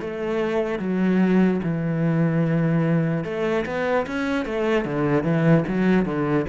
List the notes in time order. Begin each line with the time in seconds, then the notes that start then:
0.00 A3
0.79 F#3
1.63 E3
3.24 A3
3.66 B3
4.07 C#4
4.45 A3
4.85 D3
5.23 E3
5.67 F#3
6.05 D3